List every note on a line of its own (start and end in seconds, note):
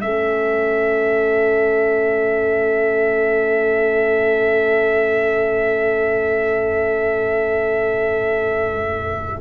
0.00 9.41 A3
0.00 9.41 C#4
0.00 9.41 A4
0.00 9.41 E5